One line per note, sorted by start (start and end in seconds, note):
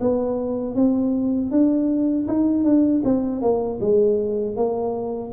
0.00 0.75 B3
0.75 1.51 C4
1.51 2.26 D4
2.27 2.63 D#4
2.63 3.01 D4
3.04 3.41 C4
3.41 3.79 A#3
3.80 4.55 G#3
4.55 5.31 A#3